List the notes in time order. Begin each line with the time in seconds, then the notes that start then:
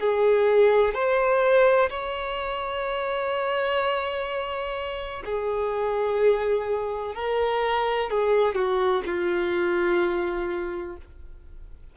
0.00 G#4
0.94 C5
1.90 C#5
5.25 G#4
7.15 A#4
8.10 G#4
8.55 F#4
9.06 F4